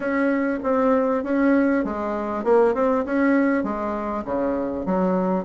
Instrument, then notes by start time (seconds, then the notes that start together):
bassoon
0.00 C#4
0.63 C4
1.23 C#4
1.84 G#3
2.44 A#3
2.74 C4
3.05 C#4
3.63 G#3
4.25 C#3
4.85 F#3